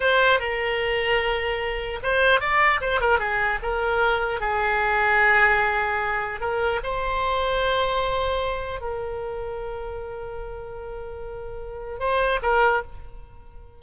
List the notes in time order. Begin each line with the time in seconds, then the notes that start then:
0.00 C5
0.39 A#4
2.03 C5
2.40 D5
2.80 C5
3.00 A#4
3.19 G#4
3.62 A#4
4.40 G#4
6.40 A#4
6.83 C5
8.81 A#4
11.99 C5
12.42 A#4